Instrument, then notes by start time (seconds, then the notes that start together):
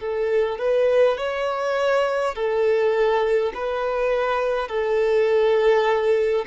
violin
0.00 A4
0.59 B4
1.18 C#5
2.35 A4
3.54 B4
4.68 A4